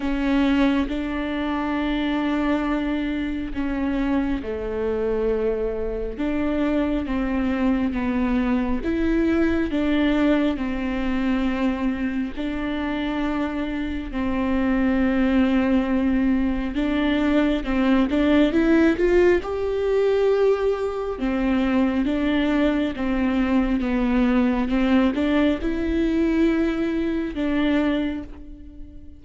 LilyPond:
\new Staff \with { instrumentName = "viola" } { \time 4/4 \tempo 4 = 68 cis'4 d'2. | cis'4 a2 d'4 | c'4 b4 e'4 d'4 | c'2 d'2 |
c'2. d'4 | c'8 d'8 e'8 f'8 g'2 | c'4 d'4 c'4 b4 | c'8 d'8 e'2 d'4 | }